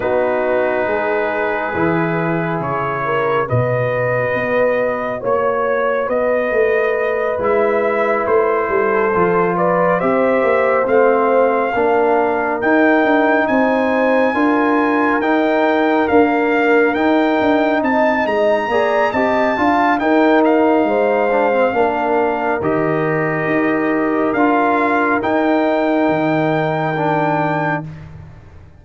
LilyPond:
<<
  \new Staff \with { instrumentName = "trumpet" } { \time 4/4 \tempo 4 = 69 b'2. cis''4 | dis''2 cis''4 dis''4~ | dis''8 e''4 c''4. d''8 e''8~ | e''8 f''2 g''4 gis''8~ |
gis''4. g''4 f''4 g''8~ | g''8 a''8 ais''4 a''4 g''8 f''8~ | f''2 dis''2 | f''4 g''2. | }
  \new Staff \with { instrumentName = "horn" } { \time 4/4 fis'4 gis'2~ gis'8 ais'8 | b'2 cis''4 b'4~ | b'2 a'4 b'8 c''8~ | c''4. ais'2 c''8~ |
c''8 ais'2.~ ais'8~ | ais'8 dis''4 d''8 dis''8 f''8 ais'4 | c''4 ais'2.~ | ais'1 | }
  \new Staff \with { instrumentName = "trombone" } { \time 4/4 dis'2 e'2 | fis'1~ | fis'8 e'2 f'4 g'8~ | g'8 c'4 d'4 dis'4.~ |
dis'8 f'4 dis'4 ais4 dis'8~ | dis'4. gis'8 g'8 f'8 dis'4~ | dis'8 d'16 c'16 d'4 g'2 | f'4 dis'2 d'4 | }
  \new Staff \with { instrumentName = "tuba" } { \time 4/4 b4 gis4 e4 cis4 | b,4 b4 ais4 b8 a8~ | a8 gis4 a8 g8 f4 c'8 | ais8 a4 ais4 dis'8 d'8 c'8~ |
c'8 d'4 dis'4 d'4 dis'8 | d'8 c'8 gis8 ais8 c'8 d'8 dis'4 | gis4 ais4 dis4 dis'4 | d'4 dis'4 dis2 | }
>>